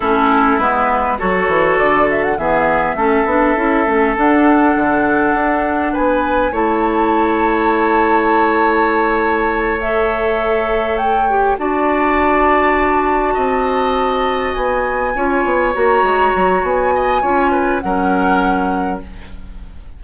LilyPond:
<<
  \new Staff \with { instrumentName = "flute" } { \time 4/4 \tempo 4 = 101 a'4 b'4 cis''4 d''8 e''16 fis''16 | e''2. fis''4~ | fis''2 gis''4 a''4~ | a''1~ |
a''8 e''2 g''4 a''8~ | a''1~ | a''8 gis''2 ais''4. | gis''2 fis''2 | }
  \new Staff \with { instrumentName = "oboe" } { \time 4/4 e'2 a'2 | gis'4 a'2.~ | a'2 b'4 cis''4~ | cis''1~ |
cis''2.~ cis''8 d''8~ | d''2~ d''8 dis''4.~ | dis''4. cis''2~ cis''8~ | cis''8 dis''8 cis''8 b'8 ais'2 | }
  \new Staff \with { instrumentName = "clarinet" } { \time 4/4 cis'4 b4 fis'2 | b4 cis'8 d'8 e'8 cis'8 d'4~ | d'2. e'4~ | e'1~ |
e'8 a'2~ a'8 g'8 fis'8~ | fis'1~ | fis'4. f'4 fis'4.~ | fis'4 f'4 cis'2 | }
  \new Staff \with { instrumentName = "bassoon" } { \time 4/4 a4 gis4 fis8 e8 d4 | e4 a8 b8 cis'8 a8 d'4 | d4 d'4 b4 a4~ | a1~ |
a2.~ a8 d'8~ | d'2~ d'8 c'4.~ | c'8 b4 cis'8 b8 ais8 gis8 fis8 | b4 cis'4 fis2 | }
>>